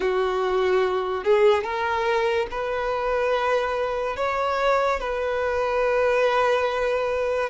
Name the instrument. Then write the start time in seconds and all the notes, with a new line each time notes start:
violin
0.00 F#4
1.24 G#4
1.63 A#4
2.50 B4
4.16 C#5
5.00 B4